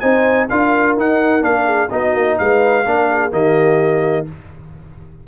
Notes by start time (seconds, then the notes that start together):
0.00 C4 D#4 C5 G#5
0.49 D4 F4 A#4 F5
0.97 D#4 F#5
1.41 A#3 D4 F5
1.66 G#4
1.91 B3 D#4 F#4 D#5
2.14 A#3
2.38 G#3 B4 F5
2.85 A#3 D4 A#4
3.11 G#4
3.31 D#3 A#3 G4 D#5